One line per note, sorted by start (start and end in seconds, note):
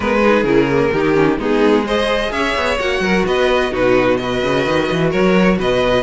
0.00 0.43 G#3
0.00 0.22 B3
0.00 0.21 A#4
0.00 0.44 B4
0.23 0.46 D#4
0.23 0.93 G#4
0.43 0.90 C#3
0.43 0.70 E4
0.43 1.37 A#4
0.72 0.95 A#3
0.92 1.37 D#3
0.92 1.14 D#4
0.92 1.39 G4
1.14 1.37 C#4
1.37 2.30 G#3
1.37 1.85 B3
1.37 1.85 D#4
1.37 1.87 G#4
1.85 2.79 G#4
1.85 2.32 C5
1.85 2.32 D#5
2.31 2.54 C#4
2.31 3.02 C#5
2.31 2.78 E5
2.55 2.78 B3
2.79 3.00 A#3
2.79 3.71 F#4
2.79 3.25 F#5
3.00 3.23 F#3
3.00 3.26 A#4
3.25 3.72 B3
3.25 3.71 B4
3.25 3.73 D#5
3.71 4.42 B2
3.71 4.17 D#4
3.71 4.18 F#4
3.71 4.17 B4
4.17 6.02 F#4
4.17 5.09 B4
4.17 5.10 D#5
4.42 4.66 C#3
4.66 4.89 D#3
4.91 5.13 E3
5.09 5.58 F#3
5.09 5.56 A#4
5.09 5.58 C#5
5.58 6.02 B2
5.58 6.02 B4
5.58 6.02 D#5